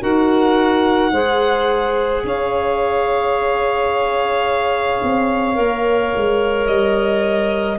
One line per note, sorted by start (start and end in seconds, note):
0.00 1.12 D#4
0.00 1.11 F#4
0.00 1.12 A#4
0.00 2.26 F#5
1.12 2.23 G#3
1.12 5.55 G#4
1.12 2.23 C5
2.24 5.01 C#4
2.24 7.79 C#5
2.24 6.67 F5
5.03 5.58 C4
5.55 6.13 A#3
5.55 7.77 A#4
6.16 6.67 G#3
6.67 7.78 G3
6.67 7.78 D#5